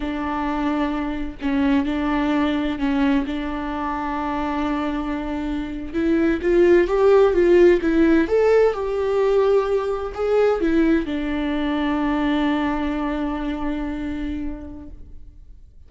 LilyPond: \new Staff \with { instrumentName = "viola" } { \time 4/4 \tempo 4 = 129 d'2. cis'4 | d'2 cis'4 d'4~ | d'1~ | d'8. e'4 f'4 g'4 f'16~ |
f'8. e'4 a'4 g'4~ g'16~ | g'4.~ g'16 gis'4 e'4 d'16~ | d'1~ | d'1 | }